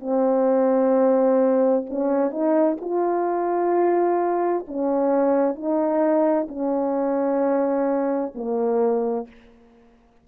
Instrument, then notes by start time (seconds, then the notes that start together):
horn
0.00 C4
1.90 C#4
2.30 D#4
2.81 F4
4.67 C#4
5.55 D#4
6.48 C#4
8.35 A#3